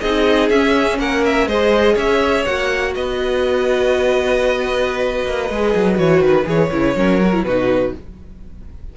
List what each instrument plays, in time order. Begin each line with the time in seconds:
0.00 cello C4, viola D#4, violin G#4 D#5
0.49 cello C#4, viola C#4, violin E5
0.98 cello A#3, violin A#4 F#5
1.25 violin E5
1.46 cello G#3, viola G#4, violin C5 D#5
1.94 cello C#4, violin C#5 E5
2.45 cello A#3, viola F#4, violin F#5
2.94 cello B3, violin B4 D#5
5.25 cello A#3
5.49 cello G#3, viola G#4
5.75 cello F#3
5.94 cello E3, viola F#4, violin C#5
6.21 cello D#3, violin B4
6.45 cello E3, viola G#4, violin C#5
6.71 cello C#3, viola E4
6.95 cello F#3, viola C#4, violin A#4
7.22 viola F#4
7.33 viola E4
7.43 cello B2, viola D#4, violin F#4 B4